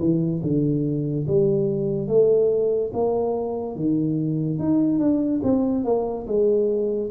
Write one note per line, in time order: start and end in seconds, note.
0.00 0.42 E3
0.43 1.27 D3
1.28 2.08 G3
2.08 2.91 A3
2.94 3.76 A#3
3.76 4.59 D#3
4.59 4.99 D#4
4.99 5.41 D4
5.44 5.85 C4
5.85 6.27 A#3
6.27 7.11 G#3